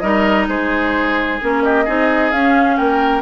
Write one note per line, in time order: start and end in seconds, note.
0.00 0.48 G3
0.00 1.40 D#4
0.00 0.48 A#4
0.00 0.46 D#5
0.48 1.40 G#3
0.48 1.63 G#4
0.48 1.40 C5
1.42 1.88 A#3
1.42 1.87 C#4
1.42 1.63 A#4
1.63 1.85 G4
1.63 2.31 D#5
1.85 2.32 C4
1.85 2.32 D#4
1.85 2.76 G#4
2.31 2.78 C#4
2.31 3.21 C#4
2.31 2.77 F5
2.77 3.21 A#3
2.77 3.21 A#4
2.77 3.21 G5